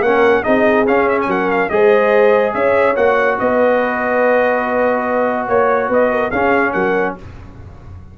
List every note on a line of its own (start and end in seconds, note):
0.00 0.42 A#3
0.00 0.43 C#4
0.00 0.43 A#4
0.00 0.43 F#5
0.43 0.88 C4
0.43 0.85 D#4
0.43 1.27 G#4
0.43 0.85 D#5
0.86 1.69 C#4
0.86 1.27 C#4
0.86 1.08 F5
1.08 1.19 E5
1.21 1.69 F#3
1.21 1.30 G#5
1.29 1.71 A#4
1.29 1.50 F#5
1.50 1.69 F5
1.69 2.54 G#3
1.69 2.95 G#4
1.69 2.53 C5
1.69 2.53 D#5
2.53 2.96 C#4
2.53 3.37 C#5
2.53 2.95 E5
2.95 3.38 A#3
2.95 6.31 F#4
2.95 3.38 F#5
3.39 5.48 B3
3.39 5.47 B4
3.39 5.47 D#5
5.47 5.89 A#3
5.47 5.88 C#5
5.47 5.89 C#5
5.88 6.31 B3
5.88 6.09 B4
5.88 6.30 D#5
6.11 6.30 A#4
6.30 6.74 C#4
6.30 7.18 C#4
6.30 6.72 G#4
6.30 6.72 F5
6.72 7.16 F#3
6.72 7.14 A#4
6.72 7.14 F#5